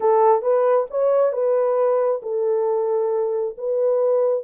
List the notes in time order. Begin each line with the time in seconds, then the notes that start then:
0.00 A4
0.42 B4
0.90 C#5
1.32 B4
2.22 A4
3.57 B4